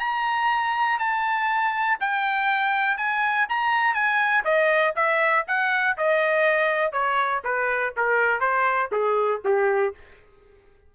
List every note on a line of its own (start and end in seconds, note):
0.00 0.99 A#5
0.99 1.98 A5
2.00 2.97 G5
2.97 3.47 G#5
3.49 3.94 A#5
3.94 4.44 G#5
4.44 4.94 D#5
4.96 5.45 E5
5.47 5.97 F#5
5.97 6.92 D#5
6.92 7.42 C#5
7.44 7.94 B4
7.97 8.40 A#4
8.40 8.90 C5
8.92 9.41 G#4
9.45 9.94 G4